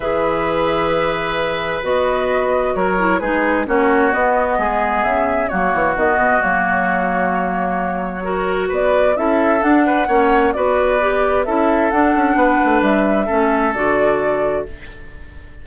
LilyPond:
<<
  \new Staff \with { instrumentName = "flute" } { \time 4/4 \tempo 4 = 131 e''1 | dis''2 cis''4 b'4 | cis''4 dis''2 e''4 | cis''4 dis''4 cis''2~ |
cis''2. d''4 | e''4 fis''2 d''4~ | d''4 e''4 fis''2 | e''2 d''2 | }
  \new Staff \with { instrumentName = "oboe" } { \time 4/4 b'1~ | b'2 ais'4 gis'4 | fis'2 gis'2 | fis'1~ |
fis'2 ais'4 b'4 | a'4. b'8 cis''4 b'4~ | b'4 a'2 b'4~ | b'4 a'2. | }
  \new Staff \with { instrumentName = "clarinet" } { \time 4/4 gis'1 | fis'2~ fis'8 e'8 dis'4 | cis'4 b2. | ais4 b4 ais2~ |
ais2 fis'2 | e'4 d'4 cis'4 fis'4 | g'4 e'4 d'2~ | d'4 cis'4 fis'2 | }
  \new Staff \with { instrumentName = "bassoon" } { \time 4/4 e1 | b2 fis4 gis4 | ais4 b4 gis4 cis4 | fis8 e8 dis8 b,8 fis2~ |
fis2. b4 | cis'4 d'4 ais4 b4~ | b4 cis'4 d'8 cis'8 b8 a8 | g4 a4 d2 | }
>>